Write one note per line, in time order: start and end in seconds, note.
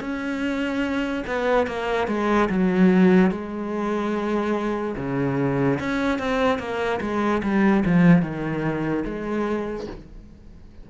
0.00 1.23 C#4
1.27 1.66 B3
1.66 2.07 A#3
2.07 2.48 G#3
2.49 3.30 F#3
3.30 4.95 G#3
4.96 5.78 C#3
5.79 6.18 C#4
6.18 6.59 C4
6.59 7.00 A#3
7.00 7.42 G#3
7.42 7.83 G3
7.85 8.22 F3
8.22 9.04 D#3
9.04 9.87 G#3